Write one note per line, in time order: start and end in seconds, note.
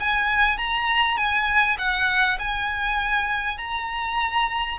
0.00 0.58 G#5
0.58 1.17 A#5
1.17 1.77 G#5
1.78 2.38 F#5
2.39 3.58 G#5
3.58 4.78 A#5